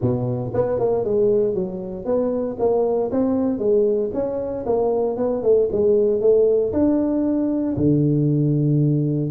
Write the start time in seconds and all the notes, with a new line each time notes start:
0.01 B2
0.54 B3
0.79 A#3
1.04 G#3
1.54 F#3
2.05 B3
2.59 A#3
3.11 C4
3.58 G#3
4.13 C#4
4.66 A#3
5.16 B3
5.42 A3
5.72 G#3
6.20 A3
6.72 D4
7.76 D3